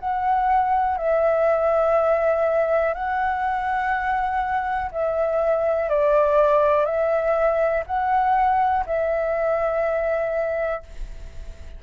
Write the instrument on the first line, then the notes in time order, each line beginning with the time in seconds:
flute
0.00 F#5
0.97 E5
2.94 F#5
4.92 E5
5.89 D5
6.85 E5
7.87 F#5
8.86 E5